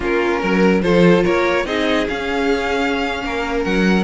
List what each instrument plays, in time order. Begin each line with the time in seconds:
0.00 cello A#3, viola C#4, violin F4 A#4
0.39 cello F#3, violin A#4
0.82 cello F3, viola F4, violin A4 C5
1.23 cello A#3, violin A#4 C#5
1.65 cello C4, viola D#4, violin G#4 D#5
2.08 viola C#4, cello C#4, violin F5
3.23 cello A#3, violin A#4
3.64 cello F#3, violin F#5